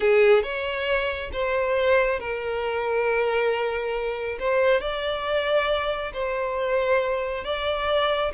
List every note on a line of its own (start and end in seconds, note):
0.00 0.42 G#4
0.42 1.30 C#5
1.32 2.19 C5
2.19 4.38 A#4
4.39 4.81 C5
4.81 6.12 D5
6.13 7.44 C5
7.44 8.32 D5